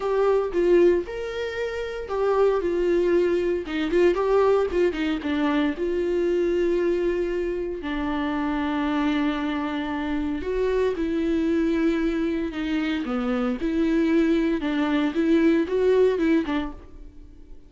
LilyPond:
\new Staff \with { instrumentName = "viola" } { \time 4/4 \tempo 4 = 115 g'4 f'4 ais'2 | g'4 f'2 dis'8 f'8 | g'4 f'8 dis'8 d'4 f'4~ | f'2. d'4~ |
d'1 | fis'4 e'2. | dis'4 b4 e'2 | d'4 e'4 fis'4 e'8 d'8 | }